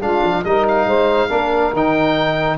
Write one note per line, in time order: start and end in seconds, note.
0.00 0.21 G#3
0.00 0.44 D4
0.00 0.45 F4
0.00 0.44 F5
0.23 0.44 F3
0.44 0.86 G3
0.44 1.29 D#4
0.44 0.86 A#4
0.44 0.66 D#5
0.67 1.75 F5
0.86 1.29 G#3
0.86 1.27 C5
1.27 1.73 A#3
1.27 1.72 D4
1.27 2.56 A#4
1.73 2.57 D#3
1.73 2.57 D#4
1.73 2.57 G5